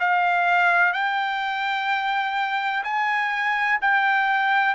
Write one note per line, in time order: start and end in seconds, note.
0.00 0.93 F5
0.93 2.83 G5
2.84 3.79 G#5
3.81 4.74 G5